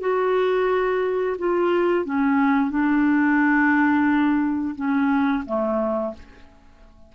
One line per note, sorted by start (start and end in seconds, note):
0.00 1.36 F#4
1.38 2.05 F4
2.05 2.70 C#4
2.70 4.75 D4
4.75 5.44 C#4
5.45 6.14 A3